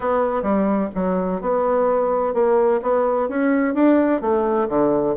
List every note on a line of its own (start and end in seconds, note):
0.00 0.42 B3
0.42 0.89 G3
0.94 1.41 F#3
1.41 2.34 B3
2.34 2.80 A#3
2.82 3.28 B3
3.28 3.74 C#4
3.74 4.21 D4
4.21 4.68 A3
4.68 5.15 D3